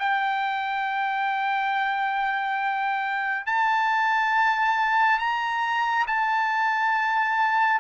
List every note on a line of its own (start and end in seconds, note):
0.00 3.47 G5
3.47 5.19 A5
5.19 6.06 A#5
6.08 7.81 A5